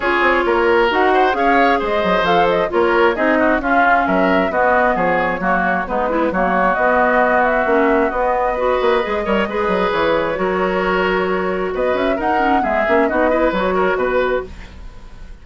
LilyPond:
<<
  \new Staff \with { instrumentName = "flute" } { \time 4/4 \tempo 4 = 133 cis''2 fis''4 f''4 | dis''4 f''8 dis''8 cis''4 dis''4 | f''4 e''4 dis''4 cis''4~ | cis''4 b'4 cis''4 dis''4~ |
dis''8 e''4. dis''2~ | dis''2 cis''2~ | cis''2 dis''8 e''8 fis''4 | e''4 dis''4 cis''4 b'4 | }
  \new Staff \with { instrumentName = "oboe" } { \time 4/4 gis'4 ais'4. c''8 cis''4 | c''2 ais'4 gis'8 fis'8 | f'4 ais'4 fis'4 gis'4 | fis'4 dis'8 b8 fis'2~ |
fis'2. b'4~ | b'8 cis''8 b'2 ais'4~ | ais'2 b'4 ais'4 | gis'4 fis'8 b'4 ais'8 b'4 | }
  \new Staff \with { instrumentName = "clarinet" } { \time 4/4 f'2 fis'4 gis'4~ | gis'4 a'4 f'4 dis'4 | cis'2 b2 | ais4 b8 e'8 ais4 b4~ |
b4 cis'4 b4 fis'4 | gis'8 ais'8 gis'2 fis'4~ | fis'2. dis'8 cis'8 | b8 cis'8 dis'8 e'8 fis'2 | }
  \new Staff \with { instrumentName = "bassoon" } { \time 4/4 cis'8 c'8 ais4 dis'4 cis'4 | gis8 fis8 f4 ais4 c'4 | cis'4 fis4 b4 f4 | fis4 gis4 fis4 b4~ |
b4 ais4 b4. ais8 | gis8 g8 gis8 fis8 e4 fis4~ | fis2 b8 cis'8 dis'4 | gis8 ais8 b4 fis4 b,4 | }
>>